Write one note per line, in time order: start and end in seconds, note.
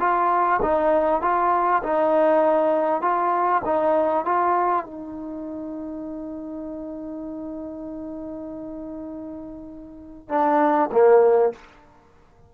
0.00 0.61 F4
0.63 1.22 D#4
1.22 1.83 F4
1.84 3.02 D#4
3.02 3.63 F4
3.66 4.26 D#4
4.26 4.86 F4
4.86 10.29 D#4
10.29 10.90 D4
10.93 11.53 A#3